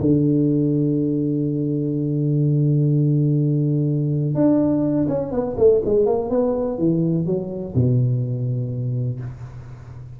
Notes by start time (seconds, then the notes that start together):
0.00 D3
4.34 D4
5.08 C#4
5.31 B3
5.57 A3
5.85 G#3
6.06 A#3
6.29 B3
6.78 E3
7.25 F#3
7.75 B2